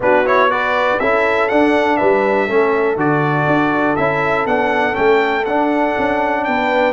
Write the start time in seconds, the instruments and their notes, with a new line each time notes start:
0.00 tuba B3, trombone D4, horn F#4, trumpet B4
0.25 trombone E4, trumpet C#5
0.50 trombone F#4, horn B4, trumpet D5
0.99 tuba C#4, trombone E4, horn A4, trumpet E5
1.48 tuba D4, trombone D4, trumpet F#5
1.97 tuba G3, horn B4, trumpet E5
2.46 tuba A3, trombone C#4, horn A4
2.96 tuba D3, trombone F#4, trumpet D5
3.46 tuba D4
3.96 tuba C#4, trombone E4, trumpet E5
4.45 tuba B3, trombone D4, trumpet F#5
4.92 tuba A3, trombone C#4, trumpet G5
5.45 tuba D4, trombone D4, trumpet F#5
5.97 tuba C#4
6.44 tuba B3, horn B4, trumpet G5